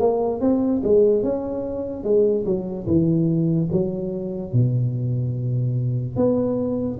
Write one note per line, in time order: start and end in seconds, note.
0.00 0.41 A#3
0.41 0.82 C4
0.84 1.23 G#3
1.23 2.04 C#4
2.04 2.45 G#3
2.46 2.87 F#3
2.87 3.69 E3
3.72 4.53 F#3
4.53 6.16 B2
6.16 6.98 B3